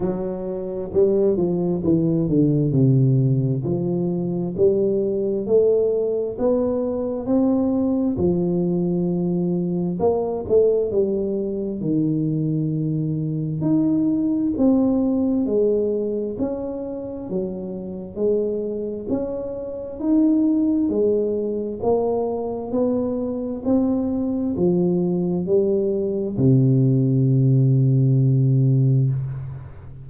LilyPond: \new Staff \with { instrumentName = "tuba" } { \time 4/4 \tempo 4 = 66 fis4 g8 f8 e8 d8 c4 | f4 g4 a4 b4 | c'4 f2 ais8 a8 | g4 dis2 dis'4 |
c'4 gis4 cis'4 fis4 | gis4 cis'4 dis'4 gis4 | ais4 b4 c'4 f4 | g4 c2. | }